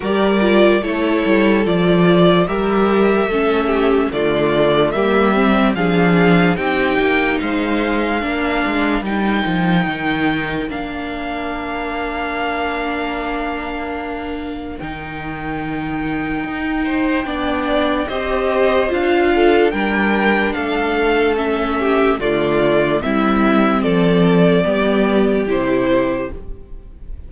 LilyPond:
<<
  \new Staff \with { instrumentName = "violin" } { \time 4/4 \tempo 4 = 73 d''4 cis''4 d''4 e''4~ | e''4 d''4 e''4 f''4 | g''4 f''2 g''4~ | g''4 f''2.~ |
f''2 g''2~ | g''2 dis''4 f''4 | g''4 f''4 e''4 d''4 | e''4 d''2 c''4 | }
  \new Staff \with { instrumentName = "violin" } { \time 4/4 ais'4 a'2 ais'4 | a'8 g'8 f'4 g'4 gis'4 | g'4 c''4 ais'2~ | ais'1~ |
ais'1~ | ais'8 c''8 d''4 c''4. a'8 | ais'4 a'4. g'8 f'4 | e'4 a'4 g'2 | }
  \new Staff \with { instrumentName = "viola" } { \time 4/4 g'8 f'8 e'4 f'4 g'4 | cis'4 a4 ais8 c'8 d'4 | dis'2 d'4 dis'4~ | dis'4 d'2.~ |
d'2 dis'2~ | dis'4 d'4 g'4 f'4 | d'2 cis'4 a4 | c'2 b4 e'4 | }
  \new Staff \with { instrumentName = "cello" } { \time 4/4 g4 a8 g8 f4 g4 | a4 d4 g4 f4 | c'8 ais8 gis4 ais8 gis8 g8 f8 | dis4 ais2.~ |
ais2 dis2 | dis'4 b4 c'4 d'4 | g4 a2 d4 | g4 f4 g4 c4 | }
>>